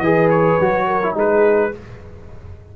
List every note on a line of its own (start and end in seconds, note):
0.00 0.57 E3
0.00 0.61 G#4
0.00 0.86 B4
0.00 0.29 D#5
0.30 1.16 C#5
0.60 1.15 F#3
0.60 1.03 F#4
0.87 1.15 A#4
1.03 1.14 E4
1.14 1.72 G#3
1.14 1.71 D#4
1.14 1.72 G#4
1.14 1.76 B4